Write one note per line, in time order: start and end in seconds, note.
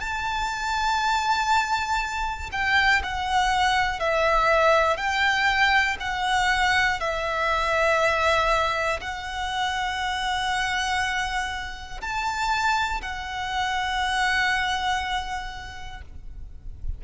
0.00 2.50 A5
2.51 3.01 G5
3.03 4.00 F#5
4.00 4.96 E5
4.96 5.96 G5
6.00 7.00 F#5
7.00 9.00 E5
9.00 12.00 F#5
12.00 13.00 A5
13.01 16.01 F#5